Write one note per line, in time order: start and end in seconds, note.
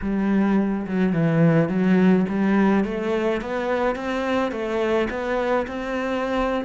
0.01 0.86 G3
0.86 1.12 F#3
1.12 1.69 E3
1.69 2.25 F#3
2.28 2.84 G3
2.84 3.41 A3
3.41 3.95 B3
3.95 4.51 C4
4.51 5.08 A3
5.09 5.66 B3
5.67 6.65 C4